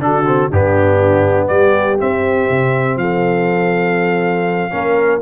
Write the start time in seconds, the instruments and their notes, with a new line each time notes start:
0.00 tuba D3, trombone D4, horn F#4, trumpet A4
0.27 trombone C4
0.52 tuba G2, trombone B3, horn D4, trumpet G4
1.48 tuba G3, horn G4, trumpet D5
1.99 trombone C4, tuba C4, trumpet E5
2.50 tuba C3
2.97 tuba F3, horn A4, trumpet F5
4.72 tuba A#3, trombone C#4, horn A#4